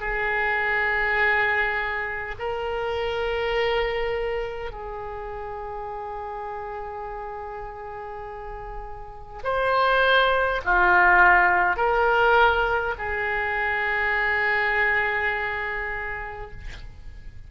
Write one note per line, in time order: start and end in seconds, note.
0.00 2.35 G#4
2.39 4.72 A#4
4.72 9.42 G#4
9.43 10.61 C5
10.65 11.76 F4
11.76 12.94 A#4
12.98 16.51 G#4